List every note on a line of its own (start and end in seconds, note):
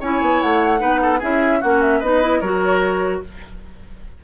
0.00 0.22 C#4
0.00 0.79 E4
0.00 0.80 C#5
0.00 0.41 G#5
0.22 0.42 B3
0.41 0.81 A3
0.41 1.21 F#5
0.79 1.21 B3
0.79 1.19 D#4
0.79 1.00 B4
1.02 1.19 A4
1.19 1.62 C#4
1.19 1.62 E4
1.19 1.59 G#4
1.19 1.62 E5
1.61 2.02 A#3
1.61 2.04 C#4
1.61 2.00 F#4
1.61 1.82 F#5
1.82 2.01 E5
2.00 2.41 B3
2.00 2.22 D#4
2.00 2.40 B4
2.00 2.41 D#5
2.22 2.42 E4
2.41 3.21 F#3
2.41 3.24 F#4
2.41 3.21 A#4
2.41 3.21 C#5